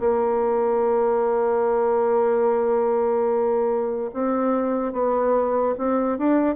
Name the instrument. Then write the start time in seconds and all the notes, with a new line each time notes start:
bassoon
0.00 A#3
4.14 C4
4.93 B3
5.78 C4
6.18 D4